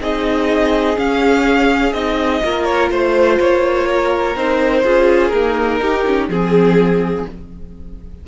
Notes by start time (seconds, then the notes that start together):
0.00 C4 D#4 G#4 D#5
0.96 C#4 F5
1.92 C4 D#4 D#5
2.43 A#3 F4 A#4
2.64 C#5
2.90 A3 C5
3.40 A#3 C#5
3.87 A#4
4.35 C4 D#4 C5
4.83 C#4 F4 G#4
5.28 A#3 D#4 A#4
5.80 D#4 G4
6.05 C#4
6.28 F3 C4 G#4